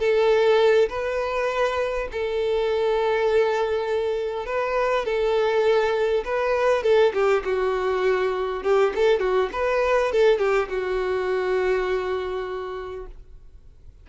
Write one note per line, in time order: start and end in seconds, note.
0.00 0.89 A4
0.89 2.08 B4
2.12 4.46 A4
4.46 5.05 B4
5.05 6.24 A4
6.25 6.84 B4
6.84 7.13 A4
7.14 7.44 G4
7.45 8.64 F#4
8.64 8.94 G4
8.95 9.20 A4
9.20 9.50 F#4
9.53 10.12 B4
10.12 10.39 A4
10.39 10.68 G4
10.69 13.07 F#4